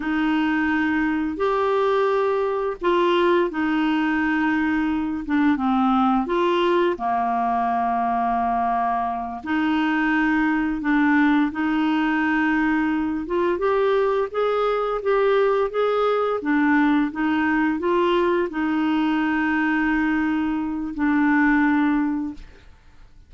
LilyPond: \new Staff \with { instrumentName = "clarinet" } { \time 4/4 \tempo 4 = 86 dis'2 g'2 | f'4 dis'2~ dis'8 d'8 | c'4 f'4 ais2~ | ais4. dis'2 d'8~ |
d'8 dis'2~ dis'8 f'8 g'8~ | g'8 gis'4 g'4 gis'4 d'8~ | d'8 dis'4 f'4 dis'4.~ | dis'2 d'2 | }